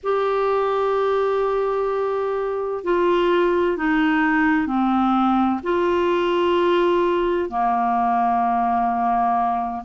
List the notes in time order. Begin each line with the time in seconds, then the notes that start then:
0.03 G4
2.84 F4
3.77 D#4
4.66 C4
5.62 F4
7.49 A#3